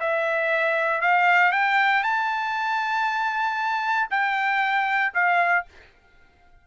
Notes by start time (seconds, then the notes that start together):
0.00 E5
1.01 F5
1.52 G5
2.03 A5
4.10 G5
5.14 F5